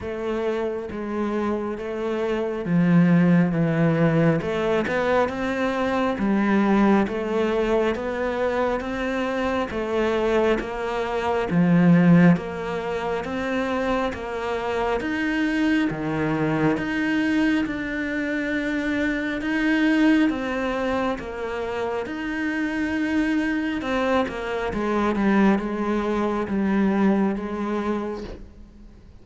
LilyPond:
\new Staff \with { instrumentName = "cello" } { \time 4/4 \tempo 4 = 68 a4 gis4 a4 f4 | e4 a8 b8 c'4 g4 | a4 b4 c'4 a4 | ais4 f4 ais4 c'4 |
ais4 dis'4 dis4 dis'4 | d'2 dis'4 c'4 | ais4 dis'2 c'8 ais8 | gis8 g8 gis4 g4 gis4 | }